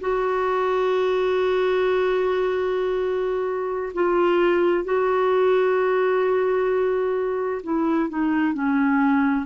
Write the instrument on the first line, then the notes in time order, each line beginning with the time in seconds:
clarinet
0.00 F#4
3.94 F4
4.84 F#4
7.63 E4
8.09 D#4
8.53 C#4